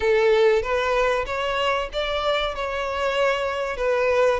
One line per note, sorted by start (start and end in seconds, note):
0.00 0.62 A4
0.62 1.25 B4
1.26 1.89 C#5
1.92 2.55 D5
2.55 3.76 C#5
3.76 4.40 B4